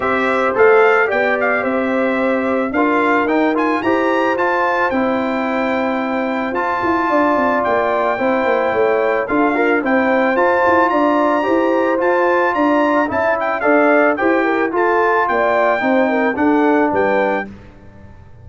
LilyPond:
<<
  \new Staff \with { instrumentName = "trumpet" } { \time 4/4 \tempo 4 = 110 e''4 f''4 g''8 f''8 e''4~ | e''4 f''4 g''8 gis''8 ais''4 | a''4 g''2. | a''2 g''2~ |
g''4 f''4 g''4 a''4 | ais''2 a''4 ais''4 | a''8 g''8 f''4 g''4 a''4 | g''2 fis''4 g''4 | }
  \new Staff \with { instrumentName = "horn" } { \time 4/4 c''2 d''4 c''4~ | c''4 ais'2 c''4~ | c''1~ | c''4 d''2 c''4 |
cis''4 a'8 f'8 c''2 | d''4 c''2 d''4 | e''4 d''4 c''8 ais'8 a'4 | d''4 c''8 ais'8 a'4 b'4 | }
  \new Staff \with { instrumentName = "trombone" } { \time 4/4 g'4 a'4 g'2~ | g'4 f'4 dis'8 f'8 g'4 | f'4 e'2. | f'2. e'4~ |
e'4 f'8 ais'8 e'4 f'4~ | f'4 g'4 f'2 | e'4 a'4 g'4 f'4~ | f'4 dis'4 d'2 | }
  \new Staff \with { instrumentName = "tuba" } { \time 4/4 c'4 a4 b4 c'4~ | c'4 d'4 dis'4 e'4 | f'4 c'2. | f'8 e'8 d'8 c'8 ais4 c'8 ais8 |
a4 d'4 c'4 f'8 e'8 | d'4 e'4 f'4 d'4 | cis'4 d'4 e'4 f'4 | ais4 c'4 d'4 g4 | }
>>